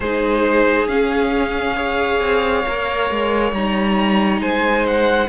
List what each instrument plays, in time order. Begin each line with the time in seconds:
0.00 cello G#3, viola D#4, violin G#4 C5
0.87 cello C#4, viola C#4, violin F5
1.76 viola G#4, violin C#5
2.19 cello C4
2.66 cello A#3, viola A#4
3.10 cello G#3
3.52 cello G3, viola D#4, violin A#5
4.40 cello G#3, violin C5 G#5
4.87 violin F#5